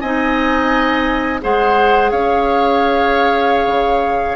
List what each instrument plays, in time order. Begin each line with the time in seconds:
0.00 bassoon C4, clarinet D#4, oboe D#5, flute G#5
1.41 bassoon G#3, clarinet G#4, oboe C5, flute F#5
2.11 bassoon C#4, oboe C#5, flute F5
3.67 bassoon C#3